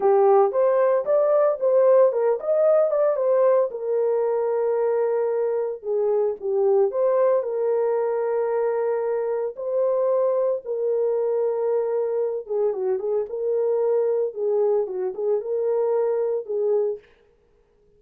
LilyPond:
\new Staff \with { instrumentName = "horn" } { \time 4/4 \tempo 4 = 113 g'4 c''4 d''4 c''4 | ais'8 dis''4 d''8 c''4 ais'4~ | ais'2. gis'4 | g'4 c''4 ais'2~ |
ais'2 c''2 | ais'2.~ ais'8 gis'8 | fis'8 gis'8 ais'2 gis'4 | fis'8 gis'8 ais'2 gis'4 | }